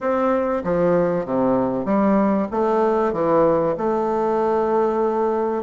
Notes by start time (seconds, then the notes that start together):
0.00 C4
0.64 F3
1.25 C3
1.85 G3
2.51 A3
3.12 E3
3.77 A3